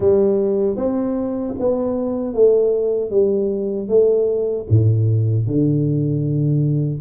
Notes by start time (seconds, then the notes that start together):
0.00 G3
0.76 C4
1.59 B3
2.34 A3
3.10 G3
3.88 A3
4.69 A2
5.47 D3